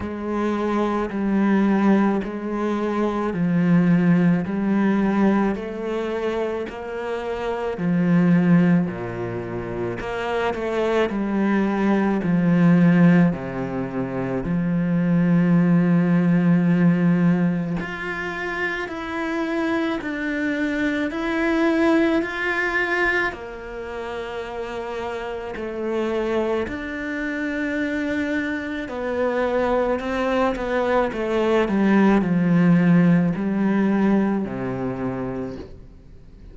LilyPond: \new Staff \with { instrumentName = "cello" } { \time 4/4 \tempo 4 = 54 gis4 g4 gis4 f4 | g4 a4 ais4 f4 | ais,4 ais8 a8 g4 f4 | c4 f2. |
f'4 e'4 d'4 e'4 | f'4 ais2 a4 | d'2 b4 c'8 b8 | a8 g8 f4 g4 c4 | }